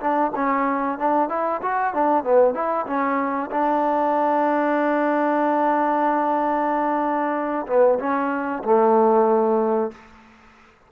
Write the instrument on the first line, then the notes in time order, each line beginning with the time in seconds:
trombone
0.00 D4
0.35 C#4
0.99 D4
1.29 E4
1.62 F#4
1.94 D4
2.24 B3
2.54 E4
2.86 C#4
3.51 D4
7.67 B3
7.99 C#4
8.64 A3